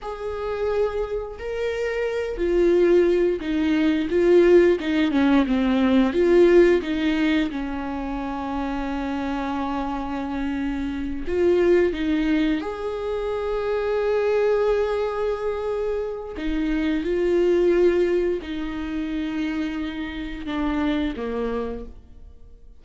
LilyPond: \new Staff \with { instrumentName = "viola" } { \time 4/4 \tempo 4 = 88 gis'2 ais'4. f'8~ | f'4 dis'4 f'4 dis'8 cis'8 | c'4 f'4 dis'4 cis'4~ | cis'1~ |
cis'8 f'4 dis'4 gis'4.~ | gis'1 | dis'4 f'2 dis'4~ | dis'2 d'4 ais4 | }